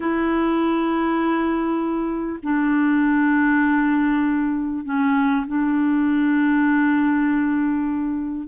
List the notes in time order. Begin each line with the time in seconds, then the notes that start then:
0.00 E4
2.42 D4
4.85 C#4
5.47 D4